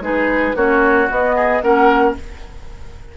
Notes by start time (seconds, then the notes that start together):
0.00 G#3 D#4 G#4 B4
0.55 A#3 C#4 F#4 C#5
1.10 B3 D#5
1.36 G#4
1.62 A#3 C#4 A#4 F#5